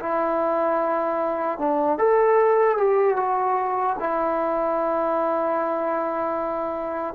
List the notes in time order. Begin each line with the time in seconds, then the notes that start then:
0.00 E4
1.59 D4
1.99 A4
2.78 G4
3.17 F#4
4.00 E4